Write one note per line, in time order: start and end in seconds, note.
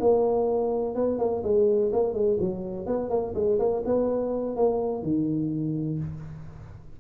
0.00 0.95 A#3
0.95 1.19 B3
1.19 1.43 A#3
1.43 1.91 G#3
1.93 2.13 A#3
2.13 2.37 G#3
2.40 2.86 F#3
2.86 3.10 B3
3.10 3.34 A#3
3.34 3.58 G#3
3.59 3.83 A#3
3.86 4.56 B3
4.56 5.03 A#3
5.03 5.99 D#3